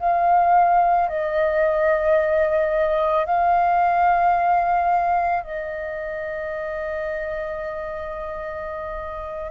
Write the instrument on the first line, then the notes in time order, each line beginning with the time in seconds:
flute
0.00 F5
1.09 D#5
3.26 F5
5.43 D#5